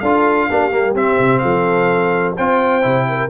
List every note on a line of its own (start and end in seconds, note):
0.00 0.49 D4
0.00 0.50 F4
0.00 0.48 A4
0.00 0.94 F5
0.49 0.72 A#3
0.49 0.71 D4
0.49 1.42 G4
0.71 0.94 G3
0.71 0.95 A#3
0.94 1.18 C4
0.94 2.36 C4
0.94 1.39 E5
1.18 1.42 C3
1.39 2.37 F3
1.39 2.36 A4
1.39 2.33 F5
2.37 2.84 C4
2.37 2.82 F4
2.37 3.07 C5
2.37 3.30 G5
2.82 3.30 C3
2.82 3.29 E4
3.09 3.30 A#4